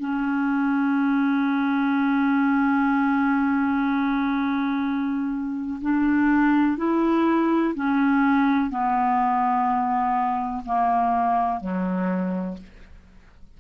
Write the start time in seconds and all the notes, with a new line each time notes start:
0.00 C#4
5.82 D4
6.78 E4
7.75 C#4
8.71 B3
10.65 A#3
11.61 F#3